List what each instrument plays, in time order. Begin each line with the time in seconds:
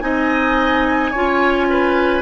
0.00 bassoon C4, clarinet D#4, oboe D#5, flute G#5
1.11 bassoon C#4, clarinet F4, oboe C#5
1.70 oboe B4